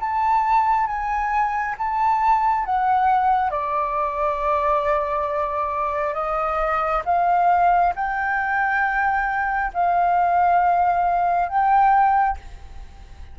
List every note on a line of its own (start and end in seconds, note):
0.00 0.87 A5
0.87 1.75 G#5
1.78 2.66 A5
2.66 3.51 F#5
3.51 6.14 D5
6.14 7.02 D#5
7.05 7.94 F5
7.96 9.72 G5
9.74 11.49 F5
11.49 12.37 G5